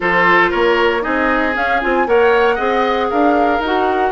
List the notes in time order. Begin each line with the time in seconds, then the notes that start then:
0.00 F3 F4 A4 C5
0.50 A#3 A#4 C#5
1.01 C4 D#4 G#4 D#5
1.53 C#4 F5
1.81 C4 F4 G#5
2.06 A#3 A#4 C#5 F#5
2.55 C4 G#4 D#5
3.09 D4 A#4 F5
3.59 D#4 F#4 F#5